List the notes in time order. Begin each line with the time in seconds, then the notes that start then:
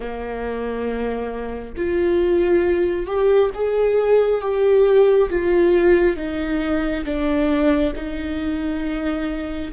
0.00 A#3
1.76 F4
3.06 G4
3.54 G#4
4.41 G4
5.29 F4
6.16 D#4
7.04 D4
7.95 D#4